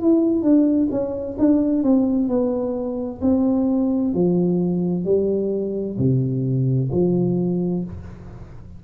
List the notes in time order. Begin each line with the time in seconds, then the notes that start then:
0.00 E4
0.42 D4
0.91 C#4
1.39 D4
1.83 C4
2.28 B3
3.22 C4
4.14 F3
5.05 G3
5.98 C3
6.92 F3